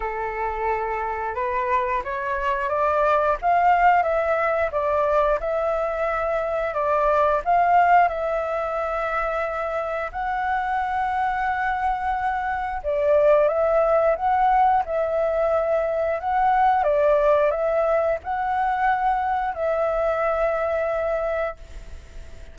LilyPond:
\new Staff \with { instrumentName = "flute" } { \time 4/4 \tempo 4 = 89 a'2 b'4 cis''4 | d''4 f''4 e''4 d''4 | e''2 d''4 f''4 | e''2. fis''4~ |
fis''2. d''4 | e''4 fis''4 e''2 | fis''4 d''4 e''4 fis''4~ | fis''4 e''2. | }